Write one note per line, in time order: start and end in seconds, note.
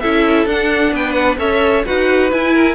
0.00 0.46 C#4
0.00 0.49 E4
0.00 0.92 A4
0.00 0.46 E5
0.46 0.92 D4
0.46 1.39 D4
0.46 0.95 F#5
0.92 1.38 B3
0.92 1.38 B4
0.92 1.13 G5
1.13 1.36 F#5
1.38 1.84 C#4
1.38 1.84 A4
1.38 1.85 C#5
1.38 1.85 E5
1.85 2.32 D#4
1.85 2.31 F#4
1.85 2.53 B4
1.85 2.31 F#5
2.31 2.75 E4
2.31 2.75 G#5
2.53 2.75 A#4